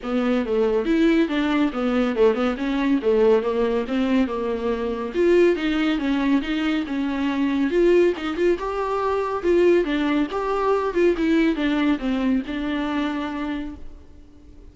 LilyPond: \new Staff \with { instrumentName = "viola" } { \time 4/4 \tempo 4 = 140 b4 a4 e'4 d'4 | b4 a8 b8 cis'4 a4 | ais4 c'4 ais2 | f'4 dis'4 cis'4 dis'4 |
cis'2 f'4 dis'8 f'8 | g'2 f'4 d'4 | g'4. f'8 e'4 d'4 | c'4 d'2. | }